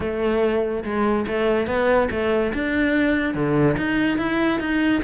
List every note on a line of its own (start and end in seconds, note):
0.00 0.83 A3
0.84 1.26 G#3
1.27 1.66 A3
1.66 2.08 B3
2.10 2.52 A3
2.53 3.34 D4
3.34 3.76 D3
3.77 4.18 D#4
4.18 4.60 E4
4.60 5.02 D#4